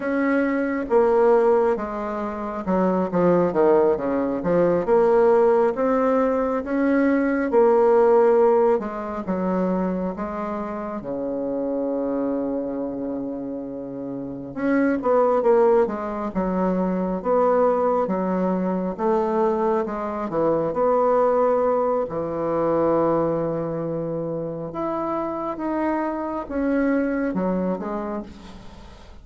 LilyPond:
\new Staff \with { instrumentName = "bassoon" } { \time 4/4 \tempo 4 = 68 cis'4 ais4 gis4 fis8 f8 | dis8 cis8 f8 ais4 c'4 cis'8~ | cis'8 ais4. gis8 fis4 gis8~ | gis8 cis2.~ cis8~ |
cis8 cis'8 b8 ais8 gis8 fis4 b8~ | b8 fis4 a4 gis8 e8 b8~ | b4 e2. | e'4 dis'4 cis'4 fis8 gis8 | }